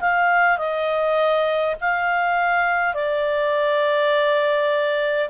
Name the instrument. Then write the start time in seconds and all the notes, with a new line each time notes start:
clarinet
0.00 F5
0.57 D#5
1.81 F5
2.94 D5